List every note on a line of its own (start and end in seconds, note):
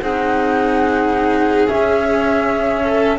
0.00 1.69 C4
0.00 1.68 D#4
0.00 2.83 G#4
0.00 1.68 F#5
1.68 3.18 C#4
1.68 3.19 C#4
1.68 3.18 E5
2.83 3.19 A4